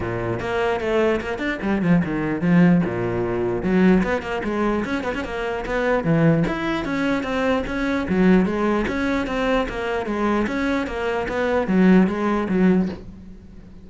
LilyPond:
\new Staff \with { instrumentName = "cello" } { \time 4/4 \tempo 4 = 149 ais,4 ais4 a4 ais8 d'8 | g8 f8 dis4 f4 ais,4~ | ais,4 fis4 b8 ais8 gis4 | cis'8 b16 cis'16 ais4 b4 e4 |
e'4 cis'4 c'4 cis'4 | fis4 gis4 cis'4 c'4 | ais4 gis4 cis'4 ais4 | b4 fis4 gis4 fis4 | }